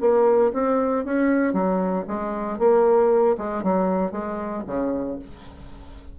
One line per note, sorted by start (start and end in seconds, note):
0.00 0.52 A#3
0.53 1.04 C4
1.04 1.53 C#4
1.53 2.05 F#3
2.07 2.59 G#3
2.59 3.36 A#3
3.37 3.63 G#3
3.63 4.11 F#3
4.11 4.63 G#3
4.67 5.18 C#3